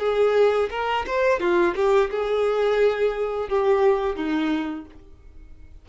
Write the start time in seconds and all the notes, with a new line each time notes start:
0.00 G#4
0.71 A#4
1.07 C5
1.40 F4
1.76 G4
2.11 G#4
3.49 G4
4.16 D#4